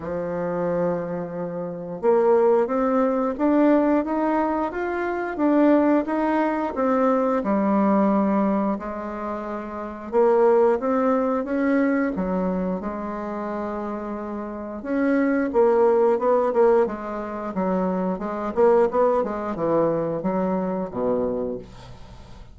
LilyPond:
\new Staff \with { instrumentName = "bassoon" } { \time 4/4 \tempo 4 = 89 f2. ais4 | c'4 d'4 dis'4 f'4 | d'4 dis'4 c'4 g4~ | g4 gis2 ais4 |
c'4 cis'4 fis4 gis4~ | gis2 cis'4 ais4 | b8 ais8 gis4 fis4 gis8 ais8 | b8 gis8 e4 fis4 b,4 | }